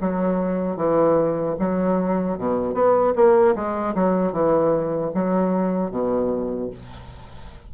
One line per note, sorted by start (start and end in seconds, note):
0.00 0.76 F#3
0.76 1.55 E3
1.59 2.38 F#3
2.38 2.73 B2
2.73 3.13 B3
3.15 3.55 A#3
3.55 3.94 G#3
3.94 4.32 F#3
4.32 5.11 E3
5.14 5.91 F#3
5.91 6.70 B2